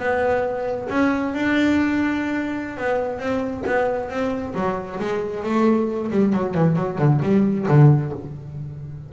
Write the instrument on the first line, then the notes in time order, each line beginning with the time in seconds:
double bass
0.00 B3
0.90 C#4
1.34 D4
2.77 B3
3.19 C4
3.67 B3
4.10 C4
4.55 F#3
5.00 G#3
5.44 A3
6.11 G3
6.33 F#3
6.55 E3
6.76 F#3
6.99 D3
7.23 G3
7.68 D3